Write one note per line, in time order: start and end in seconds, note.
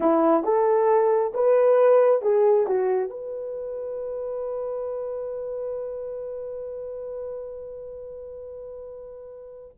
0.00 0.43 E4
0.43 1.32 A4
1.34 2.22 B4
2.22 2.66 G#4
2.66 3.10 F#4
3.10 9.76 B4